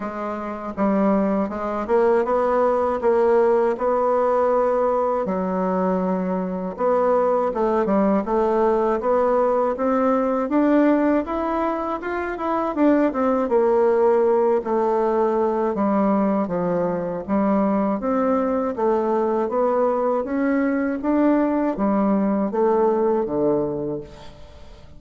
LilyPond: \new Staff \with { instrumentName = "bassoon" } { \time 4/4 \tempo 4 = 80 gis4 g4 gis8 ais8 b4 | ais4 b2 fis4~ | fis4 b4 a8 g8 a4 | b4 c'4 d'4 e'4 |
f'8 e'8 d'8 c'8 ais4. a8~ | a4 g4 f4 g4 | c'4 a4 b4 cis'4 | d'4 g4 a4 d4 | }